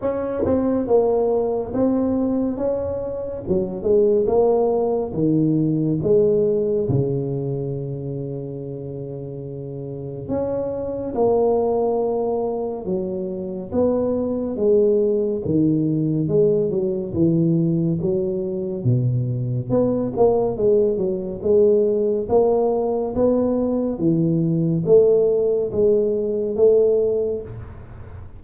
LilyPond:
\new Staff \with { instrumentName = "tuba" } { \time 4/4 \tempo 4 = 70 cis'8 c'8 ais4 c'4 cis'4 | fis8 gis8 ais4 dis4 gis4 | cis1 | cis'4 ais2 fis4 |
b4 gis4 dis4 gis8 fis8 | e4 fis4 b,4 b8 ais8 | gis8 fis8 gis4 ais4 b4 | e4 a4 gis4 a4 | }